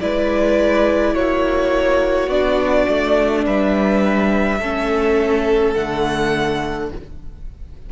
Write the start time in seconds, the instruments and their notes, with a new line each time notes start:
0.00 cello G#3, viola E4, violin B4 D5
1.14 cello A#3, violin F#4 C#5
2.27 cello B3, viola D4, violin D5
2.89 cello A3
3.45 cello G3, violin B4 E5
4.59 cello A3, viola C#4, violin A4
5.74 cello D3, viola A3, violin F#5